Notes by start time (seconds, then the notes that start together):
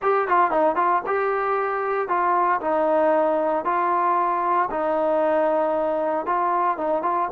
0.02 G4
0.28 F4
0.50 D#4
0.75 F4
1.06 G4
2.08 F4
2.60 D#4
3.65 F4
4.70 D#4
6.26 F4
6.77 D#4
7.02 F4